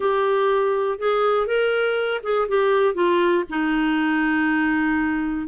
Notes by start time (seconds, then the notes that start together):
0.00 G4
0.98 G#4
1.46 A#4
2.23 G#4
2.48 G4
2.94 F4
3.49 D#4